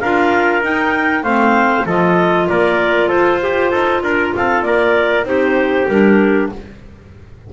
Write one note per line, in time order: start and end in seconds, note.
0.00 0.63 D4
0.00 0.63 F4
0.00 1.24 A#4
0.00 0.62 F5
0.63 1.23 D#4
0.63 1.24 D#4
0.63 1.24 G5
1.23 1.85 A3
1.23 1.87 C4
1.23 1.86 C5
1.23 1.86 F5
1.86 2.48 F3
1.86 5.24 F4
1.86 2.48 A4
1.86 2.49 D#5
2.49 3.10 A#3
2.49 3.08 A#4
2.49 3.09 D5
3.08 3.72 F4
3.08 3.39 A4
3.08 4.02 C5
3.43 3.71 G4
3.71 4.03 D#4
3.71 4.02 A4
4.03 4.34 D4
4.03 4.34 A#4
4.03 4.35 A#4
4.36 4.63 C4
4.36 4.67 A4
4.36 4.63 F5
4.63 5.24 A#3
4.63 5.29 A#4
4.63 5.25 D5
5.24 5.86 C4
5.24 5.86 D#4
5.24 6.53 G4
5.24 5.88 C5
5.88 6.50 G3
5.88 6.53 D4
5.88 6.49 A#4